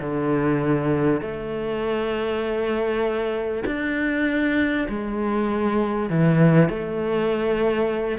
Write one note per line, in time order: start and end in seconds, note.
0.00 1.21 D3
1.21 3.63 A3
3.66 4.87 D4
4.89 6.10 G#3
6.10 6.69 E3
6.69 8.18 A3